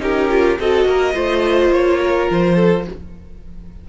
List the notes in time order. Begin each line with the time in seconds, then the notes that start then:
0.00 C#4 D#4 G4 A#4
0.31 F4
0.59 C4 F#4 A4 D#5
0.86 A#3 A#4
1.14 A3 F4 C5
1.70 A#3 C#5
2.01 A#4
2.31 F3 C5
2.56 A4